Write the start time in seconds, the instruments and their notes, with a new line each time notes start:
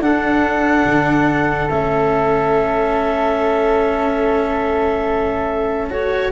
0.00 tuba D4, cello D4, flute A4, clarinet F#5
0.85 tuba D3
1.69 tuba A3, cello C#4, clarinet E5
5.89 cello F#4, clarinet C#5